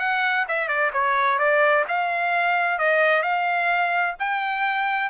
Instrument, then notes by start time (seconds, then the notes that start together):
trumpet
0.00 F#5
0.49 E5
0.69 D5
0.94 C#5
1.39 D5
1.89 F5
2.79 D#5
3.23 F5
4.20 G5